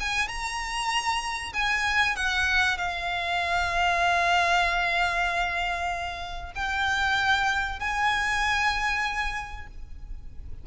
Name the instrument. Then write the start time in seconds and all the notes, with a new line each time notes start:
violin
0.00 G#5
0.28 A#5
1.53 G#5
2.16 F#5
2.78 F5
6.55 G5
7.80 G#5